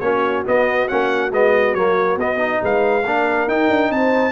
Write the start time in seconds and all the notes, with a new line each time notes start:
0.00 A#3 C#4 F#4 C#5
0.45 B3 D#5
0.88 A#3 C#4 F#5
1.31 G#3 B3 D#5
1.74 F#3 A#3 C#5
2.17 B3 D#5
2.37 D#4
2.62 G#3 B4 F5
3.05 A#3 D4 A#4
3.47 D#4 G5
3.70 D4
3.91 C4 C5 A5